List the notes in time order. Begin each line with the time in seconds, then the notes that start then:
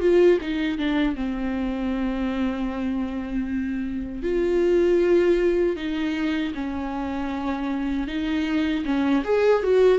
0.00 F4
0.41 D#4
0.78 D4
1.15 C4
4.23 F4
5.76 D#4
6.54 C#4
8.07 D#4
8.85 C#4
9.24 G#4
9.63 F#4